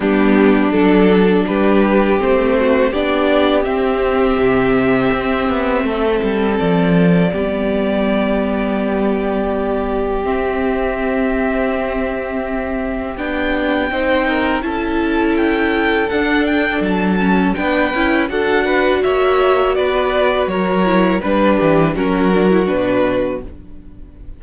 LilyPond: <<
  \new Staff \with { instrumentName = "violin" } { \time 4/4 \tempo 4 = 82 g'4 a'4 b'4 c''4 | d''4 e''2.~ | e''4 d''2.~ | d''2 e''2~ |
e''2 g''2 | a''4 g''4 fis''8 g''8 a''4 | g''4 fis''4 e''4 d''4 | cis''4 b'4 ais'4 b'4 | }
  \new Staff \with { instrumentName = "violin" } { \time 4/4 d'2 g'4. fis'8 | g'1 | a'2 g'2~ | g'1~ |
g'2. c''8 ais'8 | a'1 | b'4 a'8 b'8 cis''4 b'4 | ais'4 b'8 g'8 fis'2 | }
  \new Staff \with { instrumentName = "viola" } { \time 4/4 b4 d'2 c'4 | d'4 c'2.~ | c'2 b2~ | b2 c'2~ |
c'2 d'4 dis'4 | e'2 d'4. cis'8 | d'8 e'8 fis'2.~ | fis'8 e'8 d'4 cis'8 d'16 e'16 d'4 | }
  \new Staff \with { instrumentName = "cello" } { \time 4/4 g4 fis4 g4 a4 | b4 c'4 c4 c'8 b8 | a8 g8 f4 g2~ | g2 c'2~ |
c'2 b4 c'4 | cis'2 d'4 fis4 | b8 cis'8 d'4 ais4 b4 | fis4 g8 e8 fis4 b,4 | }
>>